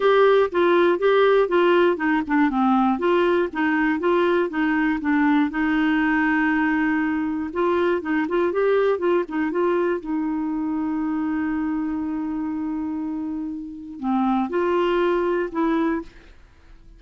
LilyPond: \new Staff \with { instrumentName = "clarinet" } { \time 4/4 \tempo 4 = 120 g'4 f'4 g'4 f'4 | dis'8 d'8 c'4 f'4 dis'4 | f'4 dis'4 d'4 dis'4~ | dis'2. f'4 |
dis'8 f'8 g'4 f'8 dis'8 f'4 | dis'1~ | dis'1 | c'4 f'2 e'4 | }